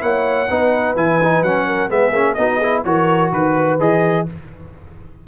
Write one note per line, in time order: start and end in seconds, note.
0.00 0.50 A#3
0.00 0.47 E4
0.00 0.49 C#5
0.00 0.96 F#5
0.49 0.95 B3
0.49 0.96 D#4
0.49 1.67 B4
0.95 1.42 E3
0.95 1.20 E4
0.95 1.43 G#5
1.23 1.45 D#4
1.42 1.90 F#3
1.42 1.89 C#4
1.42 1.90 F#5
1.67 1.89 A#4
1.89 2.11 G#3
1.89 2.13 B3
1.89 2.37 G#4
1.89 2.34 E5
2.11 2.35 A#3
2.11 2.37 C#4
2.34 2.85 B3
2.34 2.62 D#4
2.34 2.58 F#4
2.34 2.82 D#5
2.58 2.85 E4
2.58 2.82 G#4
2.84 3.32 E3
2.84 3.79 F#4
2.84 3.33 A#4
2.84 3.32 C#5
3.32 3.79 D#3
3.32 3.80 B4
3.32 4.27 B4
3.79 4.26 E3
3.79 4.27 G#4
3.79 4.28 D#5